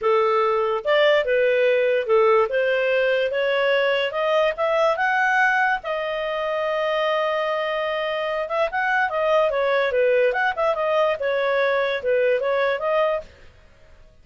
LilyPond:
\new Staff \with { instrumentName = "clarinet" } { \time 4/4 \tempo 4 = 145 a'2 d''4 b'4~ | b'4 a'4 c''2 | cis''2 dis''4 e''4 | fis''2 dis''2~ |
dis''1~ | dis''8 e''8 fis''4 dis''4 cis''4 | b'4 fis''8 e''8 dis''4 cis''4~ | cis''4 b'4 cis''4 dis''4 | }